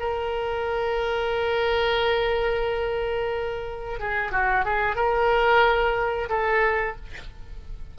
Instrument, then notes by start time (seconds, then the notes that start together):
oboe
0.00 A#4
4.00 G#4
4.32 F#4
4.65 G#4
4.96 A#4
6.30 A4